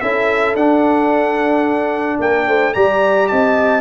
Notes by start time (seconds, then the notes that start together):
0.00 C#4 E4 A4 E5
0.54 D4 F#5
2.19 A#3 A#4 G5
2.46 A3 C5
2.73 G3 G4 D5 A#5
3.27 C4 D#5 A5